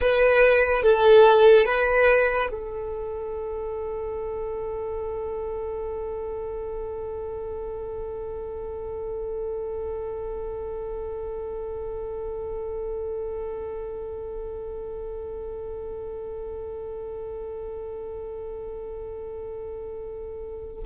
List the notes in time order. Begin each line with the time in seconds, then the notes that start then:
0.00 B4
0.82 A4
1.65 B4
2.50 A4